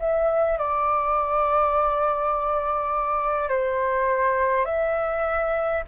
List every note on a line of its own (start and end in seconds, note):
0.00 0.58 E5
0.58 3.49 D5
3.49 4.66 C5
4.66 5.83 E5